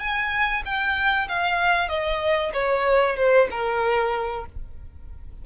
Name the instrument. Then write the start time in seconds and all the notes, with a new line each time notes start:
violin
0.00 G#5
0.65 G5
1.29 F5
1.89 D#5
2.54 C#5
3.17 C5
3.51 A#4